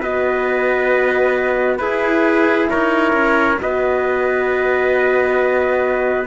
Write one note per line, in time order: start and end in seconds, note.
0.00 1.79 B3
0.00 1.81 F#4
0.00 1.79 B4
0.00 1.77 D#5
1.77 2.69 E4
1.77 3.59 E4
1.77 2.70 G#4
1.77 2.67 B4
2.70 3.13 D#4
2.70 3.60 A#4
2.70 3.60 C#5
3.13 3.57 C#4
3.59 6.27 B3
3.59 6.27 F#4
3.59 6.27 B4
3.59 6.27 D#5